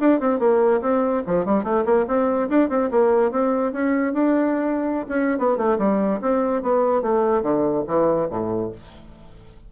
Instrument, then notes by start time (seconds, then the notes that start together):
bassoon
0.00 D4
0.21 C4
0.40 A#3
0.82 C4
1.27 F3
1.46 G3
1.64 A3
1.85 A#3
2.08 C4
2.50 D4
2.70 C4
2.91 A#3
3.32 C4
3.73 C#4
4.14 D4
5.09 C#4
5.39 B3
5.58 A3
5.79 G3
6.22 C4
6.63 B3
7.03 A3
7.43 D3
7.88 E3
8.31 A2